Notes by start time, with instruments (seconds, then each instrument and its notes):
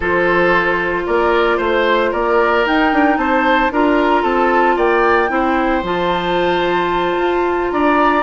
0.00 bassoon F3, clarinet F4, oboe A4, flute C5
1.06 bassoon A#3, oboe A#4, flute D5
1.57 bassoon A3, oboe C5, flute C5
2.11 bassoon A#3, oboe A#4, flute D5
2.65 clarinet D#4, bassoon D#4, flute G5
2.92 bassoon D4
3.17 bassoon C4, oboe C5, flute A5
3.71 bassoon D4, clarinet F4, oboe A#4, flute A#5
4.22 bassoon C4, oboe A4, flute A5
4.76 bassoon A#3, oboe D5, flute G5
5.28 bassoon C4, clarinet E4, oboe C5
5.82 bassoon F3, clarinet F4, flute A5
7.18 bassoon F4
7.70 bassoon D4, oboe D5, flute A#5